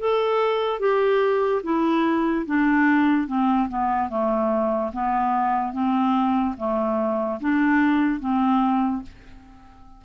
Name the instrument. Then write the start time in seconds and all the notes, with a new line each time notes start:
clarinet
0.00 A4
0.80 G4
1.64 E4
2.46 D4
3.28 C4
3.69 B3
4.10 A3
4.93 B3
5.73 C4
6.58 A3
7.41 D4
8.21 C4